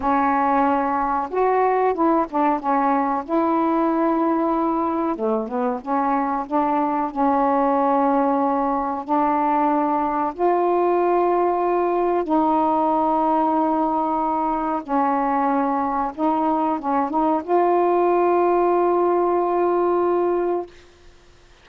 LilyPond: \new Staff \with { instrumentName = "saxophone" } { \time 4/4 \tempo 4 = 93 cis'2 fis'4 e'8 d'8 | cis'4 e'2. | a8 b8 cis'4 d'4 cis'4~ | cis'2 d'2 |
f'2. dis'4~ | dis'2. cis'4~ | cis'4 dis'4 cis'8 dis'8 f'4~ | f'1 | }